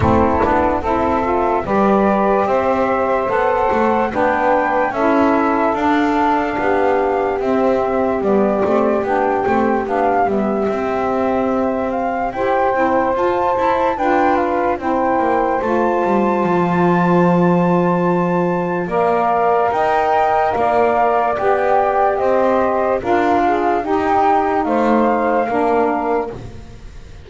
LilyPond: <<
  \new Staff \with { instrumentName = "flute" } { \time 4/4 \tempo 4 = 73 a'4 e''4 d''4 e''4 | fis''4 g''4 e''4 f''4~ | f''4 e''4 d''4 g''4 | f''8 e''2 f''8 g''4 |
a''4 g''8 f''8 g''4 a''4~ | a''2. f''4 | g''4 f''4 g''4 dis''4 | f''4 g''4 f''2 | }
  \new Staff \with { instrumentName = "saxophone" } { \time 4/4 e'4 a'4 b'4 c''4~ | c''4 b'4 a'2 | g'1~ | g'2. c''4~ |
c''4 b'4 c''2~ | c''2. d''4 | dis''4 d''2 c''4 | ais'8 gis'8 g'4 c''4 ais'4 | }
  \new Staff \with { instrumentName = "saxophone" } { \time 4/4 c'8 d'8 e'8 f'8 g'2 | a'4 d'4 e'4 d'4~ | d'4 c'4 b8 c'8 d'8 c'8 | d'8 b8 c'2 g'8 e'8 |
f'8 e'8 f'4 e'4 f'4~ | f'2. ais'4~ | ais'2 g'2 | f'4 dis'2 d'4 | }
  \new Staff \with { instrumentName = "double bass" } { \time 4/4 a8 b8 c'4 g4 c'4 | b8 a8 b4 cis'4 d'4 | b4 c'4 g8 a8 b8 a8 | b8 g8 c'2 e'8 c'8 |
f'8 e'8 d'4 c'8 ais8 a8 g8 | f2. ais4 | dis'4 ais4 b4 c'4 | d'4 dis'4 a4 ais4 | }
>>